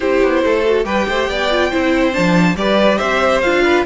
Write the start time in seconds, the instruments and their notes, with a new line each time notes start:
0.00 cello C4, viola E4, violin G4 C5
0.22 cello B3
0.44 cello A3, violin A4
0.65 viola F#4
0.84 cello G3, viola G4, violin B4 G5
1.08 cello A3, violin C5
1.29 cello B3, violin D5
1.51 viola F4
1.70 cello C4, viola E4, violin C5
2.12 cello F3, viola D4, violin A5
2.55 cello G3, viola G4, violin B4 D5
2.98 cello C4, violin C5 E5
3.41 cello D4, viola F4, violin F5
3.64 violin B4